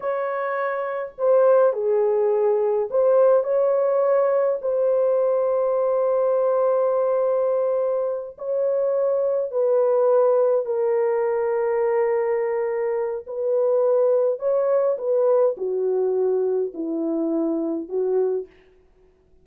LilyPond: \new Staff \with { instrumentName = "horn" } { \time 4/4 \tempo 4 = 104 cis''2 c''4 gis'4~ | gis'4 c''4 cis''2 | c''1~ | c''2~ c''8 cis''4.~ |
cis''8 b'2 ais'4.~ | ais'2. b'4~ | b'4 cis''4 b'4 fis'4~ | fis'4 e'2 fis'4 | }